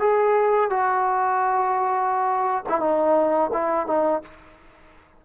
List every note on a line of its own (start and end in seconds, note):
0.00 0.70 G#4
0.70 2.64 F#4
2.69 2.80 E4
2.80 3.51 D#4
3.53 3.87 E4
3.87 4.22 D#4